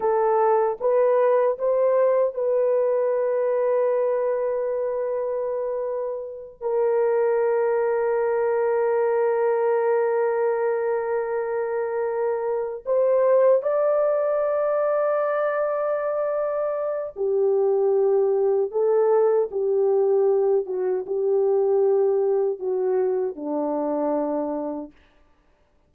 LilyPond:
\new Staff \with { instrumentName = "horn" } { \time 4/4 \tempo 4 = 77 a'4 b'4 c''4 b'4~ | b'1~ | b'8 ais'2.~ ais'8~ | ais'1~ |
ais'8 c''4 d''2~ d''8~ | d''2 g'2 | a'4 g'4. fis'8 g'4~ | g'4 fis'4 d'2 | }